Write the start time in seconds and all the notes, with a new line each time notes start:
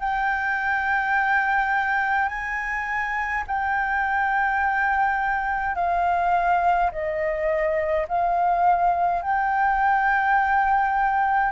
0.00 G5
2.28 G#5
3.47 G5
5.75 F5
6.91 D#5
8.08 F5
9.22 G5